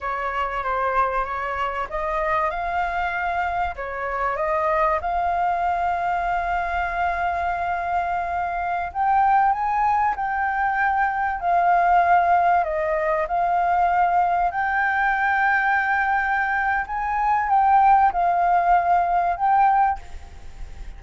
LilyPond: \new Staff \with { instrumentName = "flute" } { \time 4/4 \tempo 4 = 96 cis''4 c''4 cis''4 dis''4 | f''2 cis''4 dis''4 | f''1~ | f''2~ f''16 g''4 gis''8.~ |
gis''16 g''2 f''4.~ f''16~ | f''16 dis''4 f''2 g''8.~ | g''2. gis''4 | g''4 f''2 g''4 | }